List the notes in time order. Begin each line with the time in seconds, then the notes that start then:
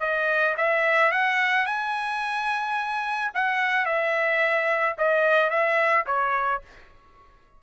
0.00 D#5
0.57 E5
1.12 F#5
1.66 G#5
3.34 F#5
3.85 E5
4.98 D#5
5.50 E5
6.06 C#5